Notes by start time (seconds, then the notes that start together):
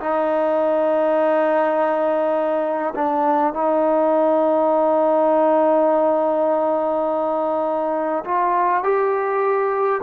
0.00 D#4
2.95 D4
3.54 D#4
8.25 F4
8.84 G4